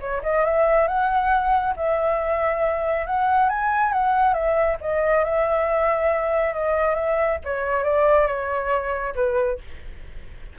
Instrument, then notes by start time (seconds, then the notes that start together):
flute
0.00 C#5
0.23 D#5
0.44 E5
0.87 F#5
1.76 E5
3.06 F#5
3.49 G#5
3.92 F#5
4.33 E5
4.80 D#5
5.24 E5
6.53 D#5
6.94 E5
7.44 C#5
7.83 D5
8.27 C#5
9.15 B4